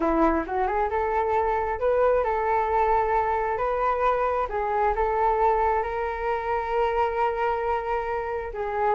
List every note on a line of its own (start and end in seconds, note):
0.00 0.44 E4
0.46 0.67 F#4
0.67 0.89 G#4
0.90 1.79 A4
1.79 2.24 B4
2.24 3.57 A4
3.57 4.47 B4
4.49 4.94 G#4
4.95 5.82 A4
5.82 8.51 A#4
8.53 8.94 G#4